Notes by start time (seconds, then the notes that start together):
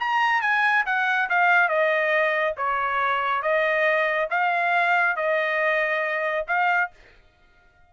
0.00 A#5
0.42 G#5
0.86 F#5
1.30 F5
1.69 D#5
2.57 C#5
3.42 D#5
4.31 F5
5.16 D#5
6.48 F5